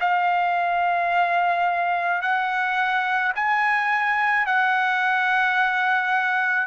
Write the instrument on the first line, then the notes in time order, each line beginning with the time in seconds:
trumpet
0.00 F5
2.22 F#5
3.35 G#5
4.46 F#5